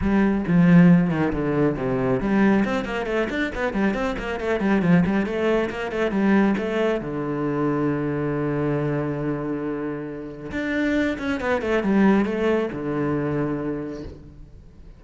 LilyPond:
\new Staff \with { instrumentName = "cello" } { \time 4/4 \tempo 4 = 137 g4 f4. dis8 d4 | c4 g4 c'8 ais8 a8 d'8 | b8 g8 c'8 ais8 a8 g8 f8 g8 | a4 ais8 a8 g4 a4 |
d1~ | d1 | d'4. cis'8 b8 a8 g4 | a4 d2. | }